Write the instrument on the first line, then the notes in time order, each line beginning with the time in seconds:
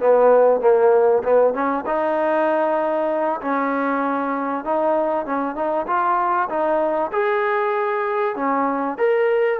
trombone
0.00 B3
0.61 A#3
1.24 B3
1.54 C#4
1.86 D#4
3.42 C#4
4.65 D#4
5.26 C#4
5.56 D#4
5.87 F4
6.50 D#4
7.13 G#4
8.36 C#4
8.98 A#4